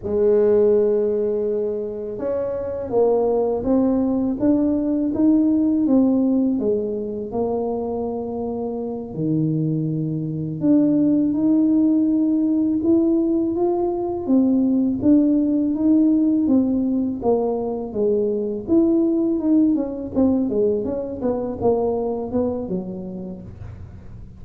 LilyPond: \new Staff \with { instrumentName = "tuba" } { \time 4/4 \tempo 4 = 82 gis2. cis'4 | ais4 c'4 d'4 dis'4 | c'4 gis4 ais2~ | ais8 dis2 d'4 dis'8~ |
dis'4. e'4 f'4 c'8~ | c'8 d'4 dis'4 c'4 ais8~ | ais8 gis4 e'4 dis'8 cis'8 c'8 | gis8 cis'8 b8 ais4 b8 fis4 | }